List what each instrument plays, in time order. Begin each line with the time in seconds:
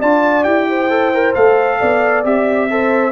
0.00 tuba D4, trombone F4, horn D5, trumpet A5
0.44 tuba E4, trombone G4, trumpet G5
0.69 horn C5
0.89 trombone A4
1.14 trombone A#4
1.35 tuba A3, trombone A4, trumpet F5
1.80 tuba B3, horn D5
2.24 tuba C4, trombone G4, trumpet E5
2.70 trombone A4, horn C5